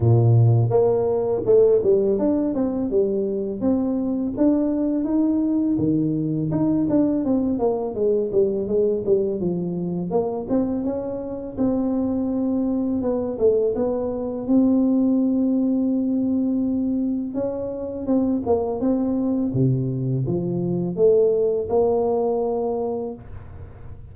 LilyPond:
\new Staff \with { instrumentName = "tuba" } { \time 4/4 \tempo 4 = 83 ais,4 ais4 a8 g8 d'8 c'8 | g4 c'4 d'4 dis'4 | dis4 dis'8 d'8 c'8 ais8 gis8 g8 | gis8 g8 f4 ais8 c'8 cis'4 |
c'2 b8 a8 b4 | c'1 | cis'4 c'8 ais8 c'4 c4 | f4 a4 ais2 | }